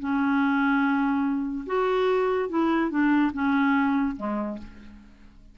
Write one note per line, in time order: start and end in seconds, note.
0.00 1.66 C#4
1.67 2.49 F#4
2.50 2.91 E4
2.91 3.32 D4
3.34 4.16 C#4
4.17 4.58 G#3